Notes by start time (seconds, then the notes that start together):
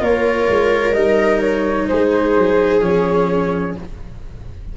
0.00 A#3 F4 A#4 C#5
0.49 G#3
0.94 G3 D#4 D#5
1.41 C#5
1.88 G#3 G#4 C5
2.38 F#3
2.81 F3 C#4 C#5